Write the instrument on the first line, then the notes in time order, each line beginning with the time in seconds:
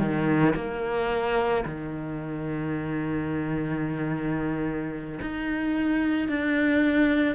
cello
0.00 D#3
0.56 A#3
1.66 D#3
5.22 D#4
6.29 D4